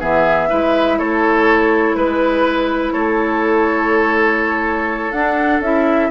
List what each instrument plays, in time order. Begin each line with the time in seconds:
0.00 bassoon E3, clarinet B3, oboe G#4, flute E5
0.49 bassoon G#3, clarinet E4, oboe B4
0.99 bassoon A3, oboe A4, flute C#5
1.95 bassoon G#3, flute B4, oboe B4
2.92 bassoon A3, oboe A4, flute C#5
5.12 bassoon D4, clarinet D4, flute F#5
5.60 bassoon C#4, clarinet E4, flute E5